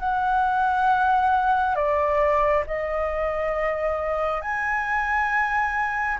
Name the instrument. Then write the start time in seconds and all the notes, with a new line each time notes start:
flute
0.00 F#5
1.76 D5
2.67 D#5
4.42 G#5